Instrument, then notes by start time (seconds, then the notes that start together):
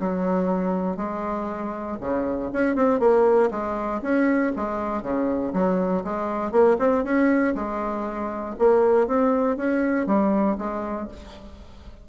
bassoon
0.00 F#3
0.97 G#3
2.01 C#3
2.53 C#4
2.76 C4
3.00 A#3
3.51 G#3
4.02 C#4
4.56 G#3
5.02 C#3
5.53 F#3
6.04 G#3
6.52 A#3
6.79 C4
7.04 C#4
7.55 G#3
8.59 A#3
9.07 C4
9.57 C#4
10.06 G3
10.58 G#3